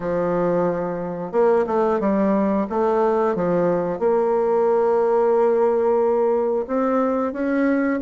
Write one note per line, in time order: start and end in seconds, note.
0.00 1.32 F3
1.32 1.65 A#3
1.66 2.00 A3
2.00 2.66 G3
2.69 3.35 A3
3.35 3.99 F3
3.99 6.65 A#3
6.67 7.32 C4
7.32 7.99 C#4